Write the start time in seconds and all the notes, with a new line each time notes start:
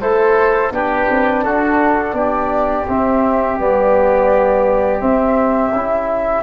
0.00 A3 E4 A4 C5
0.71 B3 D4 G4 B4
1.10 C4
1.43 D4 F#4 A4
2.13 B3 G4 D5
2.87 C4 E5
3.58 G3 B3 D5
5.00 C4 E5
5.73 C#4 E4